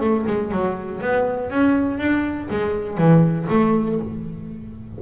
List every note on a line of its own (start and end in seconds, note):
0.00 0.25 A3
0.26 0.51 G#3
0.51 1.01 F#3
1.01 1.50 B3
1.50 1.98 C#4
1.98 2.48 D4
2.50 2.97 G#3
2.97 3.47 E3
3.49 3.99 A3